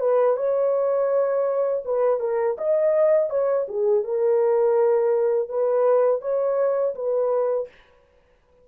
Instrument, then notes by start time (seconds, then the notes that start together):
horn
0.00 B4
0.36 C#5
1.85 B4
2.20 A#4
2.58 D#5
3.30 C#5
3.68 G#4
4.03 A#4
5.49 B4
6.21 C#5
6.95 B4